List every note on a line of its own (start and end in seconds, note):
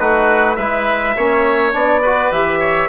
0.00 0.58 A3
0.00 0.59 D#4
0.00 0.57 F#4
0.00 0.57 B4
0.57 1.16 G#3
0.57 1.17 E4
0.57 1.15 B4
0.57 1.73 E5
1.17 1.74 A#3
1.17 1.73 C#4
1.17 2.02 C#5
1.73 2.31 B3
1.73 2.02 D4
1.73 2.33 D5
2.02 2.34 F#4
2.02 2.60 B4
2.31 2.89 E3
2.31 2.89 G4
2.31 2.89 E5
2.60 2.89 C#5